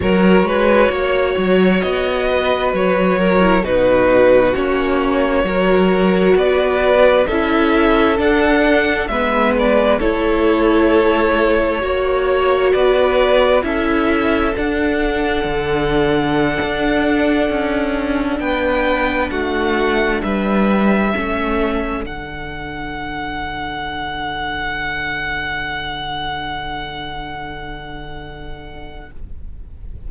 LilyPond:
<<
  \new Staff \with { instrumentName = "violin" } { \time 4/4 \tempo 4 = 66 cis''2 dis''4 cis''4 | b'4 cis''2 d''4 | e''4 fis''4 e''8 d''8 cis''4~ | cis''2 d''4 e''4 |
fis''1~ | fis''16 g''4 fis''4 e''4.~ e''16~ | e''16 fis''2.~ fis''8.~ | fis''1 | }
  \new Staff \with { instrumentName = "violin" } { \time 4/4 ais'8 b'8 cis''4. b'4 ais'8 | fis'2 ais'4 b'4 | a'2 b'4 a'4~ | a'4 cis''4 b'4 a'4~ |
a'1~ | a'16 b'4 fis'4 b'4 a'8.~ | a'1~ | a'1 | }
  \new Staff \with { instrumentName = "viola" } { \time 4/4 fis'2.~ fis'8. e'16 | dis'4 cis'4 fis'2 | e'4 d'4 b4 e'4~ | e'4 fis'2 e'4 |
d'1~ | d'2.~ d'16 cis'8.~ | cis'16 d'2.~ d'8.~ | d'1 | }
  \new Staff \with { instrumentName = "cello" } { \time 4/4 fis8 gis8 ais8 fis8 b4 fis4 | b,4 ais4 fis4 b4 | cis'4 d'4 gis4 a4~ | a4 ais4 b4 cis'4 |
d'4 d4~ d16 d'4 cis'8.~ | cis'16 b4 a4 g4 a8.~ | a16 d2.~ d8.~ | d1 | }
>>